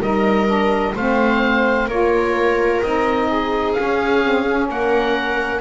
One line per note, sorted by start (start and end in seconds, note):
0.00 0.94 G3
0.00 0.47 D#4
0.00 0.95 A#4
0.00 0.96 D#5
0.47 0.94 D4
0.95 1.88 A3
0.95 1.90 C4
0.95 1.88 C5
0.95 1.89 F5
1.88 2.81 A#3
1.88 2.84 F4
1.88 3.28 A#4
1.88 2.82 C#5
2.82 3.77 C4
2.82 3.77 D#4
2.82 3.73 D#5
3.28 4.69 G#4
3.73 4.24 C#4
3.73 4.67 F5
3.79 4.69 C#4
4.24 4.46 C4
4.46 5.61 C#4
4.69 5.61 A#3
4.69 5.61 A#4
4.69 5.61 F#5